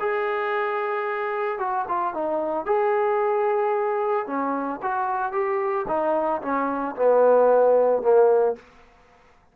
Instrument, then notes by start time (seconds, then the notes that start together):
trombone
0.00 G#4
1.59 F#4
1.88 F4
2.14 D#4
2.66 G#4
4.27 C#4
4.82 F#4
5.33 G4
5.88 D#4
6.42 C#4
6.96 B3
8.02 A#3